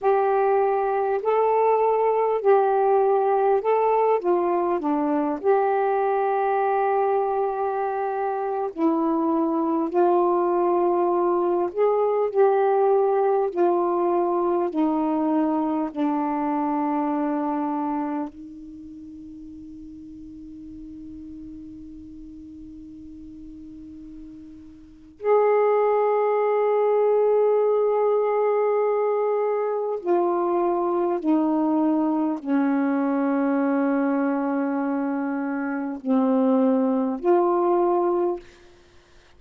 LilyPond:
\new Staff \with { instrumentName = "saxophone" } { \time 4/4 \tempo 4 = 50 g'4 a'4 g'4 a'8 f'8 | d'8 g'2~ g'8. e'8.~ | e'16 f'4. gis'8 g'4 f'8.~ | f'16 dis'4 d'2 dis'8.~ |
dis'1~ | dis'4 gis'2.~ | gis'4 f'4 dis'4 cis'4~ | cis'2 c'4 f'4 | }